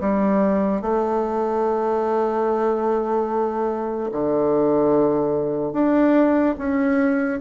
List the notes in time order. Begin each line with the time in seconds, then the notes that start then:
0.00 G3
0.81 A3
4.11 D3
5.73 D4
6.58 C#4